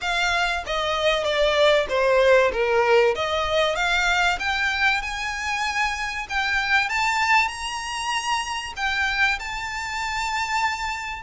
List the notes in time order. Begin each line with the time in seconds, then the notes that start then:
0.01 F5
0.66 D#5
1.24 D5
1.89 C5
2.52 A#4
3.15 D#5
3.75 F5
4.39 G5
5.02 G#5
6.29 G5
6.89 A5
7.48 A#5
8.76 G5
9.39 A5